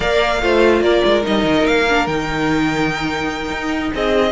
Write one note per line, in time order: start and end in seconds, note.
0.00 0.42 A#3
0.00 0.41 A#4
0.00 0.41 D5
0.00 0.82 F5
0.42 0.80 A3
0.42 1.22 F4
0.42 0.83 C5
0.80 1.01 A#3
0.80 3.93 A#4
0.80 1.23 D5
1.04 1.25 G#3
1.22 1.44 G3
1.22 1.85 D#4
1.22 1.66 D#5
1.44 1.64 D#3
1.65 2.06 A#3
1.65 2.06 F5
1.89 2.07 D4
2.06 3.50 D#3
2.06 4.32 D#4
2.06 3.92 G5
3.50 3.91 D#4
3.93 4.32 C4
3.93 4.32 G#4
3.93 4.32 D#5